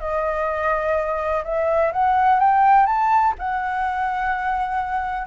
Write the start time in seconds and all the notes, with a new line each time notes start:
0.00 D#5
1.44 E5
1.93 F#5
2.40 G5
2.86 A5
3.39 F#5